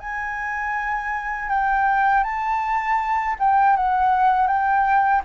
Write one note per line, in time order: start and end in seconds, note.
0.00 1.50 G#5
1.50 2.24 G5
2.24 3.36 A5
3.40 3.77 G5
3.77 4.47 F#5
4.47 5.22 G5